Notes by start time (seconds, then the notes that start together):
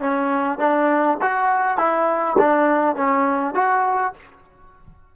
0.00 C#4
0.59 D4
1.21 F#4
1.78 E4
2.39 D4
2.96 C#4
3.55 F#4